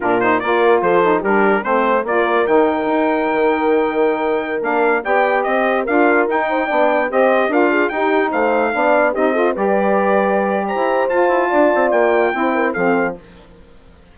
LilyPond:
<<
  \new Staff \with { instrumentName = "trumpet" } { \time 4/4 \tempo 4 = 146 ais'8 c''8 d''4 c''4 ais'4 | c''4 d''4 g''2~ | g''2.~ g''16 f''8.~ | f''16 g''4 dis''4 f''4 g''8.~ |
g''4~ g''16 dis''4 f''4 g''8.~ | g''16 f''2 dis''4 d''8.~ | d''2 ais''4 a''4~ | a''4 g''2 f''4 | }
  \new Staff \with { instrumentName = "horn" } { \time 4/4 f'4 ais'4 a'4 g'4 | c''4 ais'2.~ | ais'1~ | ais'16 d''4 c''4 ais'4. c''16~ |
c''16 d''4 c''4 ais'8 gis'8 g'8.~ | g'16 c''4 d''4 g'8 a'8 b'8.~ | b'2 c''2 | d''2 c''8 ais'8 a'4 | }
  \new Staff \with { instrumentName = "saxophone" } { \time 4/4 d'8 dis'8 f'4. dis'8 d'4 | c'4 f'4 dis'2~ | dis'2.~ dis'16 d'8.~ | d'16 g'2 f'4 dis'8.~ |
dis'16 d'4 g'4 f'4 dis'8.~ | dis'4~ dis'16 d'4 dis'8 f'8 g'8.~ | g'2. f'4~ | f'2 e'4 c'4 | }
  \new Staff \with { instrumentName = "bassoon" } { \time 4/4 ais,4 ais4 f4 g4 | a4 ais4 dis4 dis'4 | dis2.~ dis16 ais8.~ | ais16 b4 c'4 d'4 dis'8.~ |
dis'16 b4 c'4 d'4 dis'8.~ | dis'16 a4 b4 c'4 g8.~ | g2~ g16 e'8. f'8 e'8 | d'8 c'8 ais4 c'4 f4 | }
>>